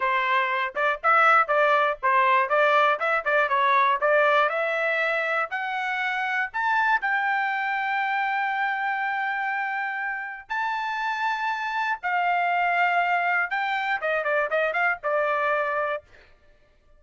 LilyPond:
\new Staff \with { instrumentName = "trumpet" } { \time 4/4 \tempo 4 = 120 c''4. d''8 e''4 d''4 | c''4 d''4 e''8 d''8 cis''4 | d''4 e''2 fis''4~ | fis''4 a''4 g''2~ |
g''1~ | g''4 a''2. | f''2. g''4 | dis''8 d''8 dis''8 f''8 d''2 | }